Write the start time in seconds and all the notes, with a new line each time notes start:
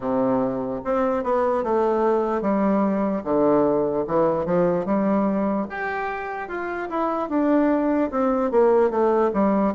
0.00 C3
0.84 C4
1.23 B3
1.63 A3
2.41 G3
3.24 D3
4.07 E3
4.45 F3
4.85 G3
5.69 G4
6.48 F4
6.89 E4
7.29 D4
8.10 C4
8.51 A#3
8.90 A3
9.33 G3